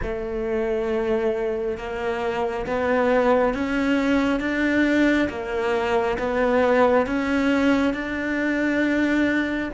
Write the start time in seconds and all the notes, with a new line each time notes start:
0.02 A3
1.77 A#3
2.66 B3
3.53 C#4
4.40 D4
5.29 A#3
6.18 B3
7.06 C#4
7.93 D4